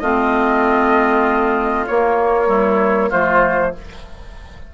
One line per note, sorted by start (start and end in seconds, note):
0.00 1.87 A3
0.00 1.89 C4
0.00 2.48 F4
0.00 1.86 D#5
1.87 2.48 A#3
1.87 3.13 A#3
1.87 3.11 C#5
2.48 3.09 G3
2.48 3.10 E4
3.10 3.75 F3
3.10 3.74 A3
3.10 3.72 F4
3.10 3.74 C5